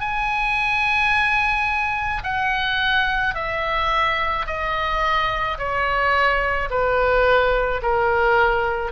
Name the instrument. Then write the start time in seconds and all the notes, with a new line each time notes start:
oboe
0.00 G#5
2.23 F#5
3.34 E5
4.46 D#5
5.58 C#5
6.70 B4
7.82 A#4